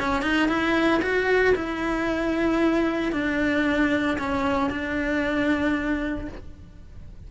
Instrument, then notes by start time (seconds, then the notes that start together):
cello
0.00 C#4
0.22 D#4
0.49 E4
1.02 F#4
1.56 E4
3.13 D4
4.19 C#4
4.71 D4